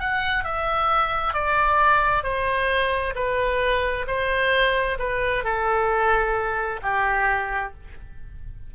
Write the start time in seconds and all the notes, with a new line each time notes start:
0.00 F#5
0.44 E5
1.33 D5
2.23 C5
3.15 B4
4.07 C5
4.99 B4
5.44 A4
6.82 G4